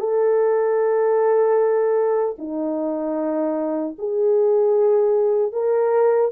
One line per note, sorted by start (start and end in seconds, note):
0.00 2.37 A4
2.39 3.97 D#4
3.99 5.53 G#4
5.53 6.32 A#4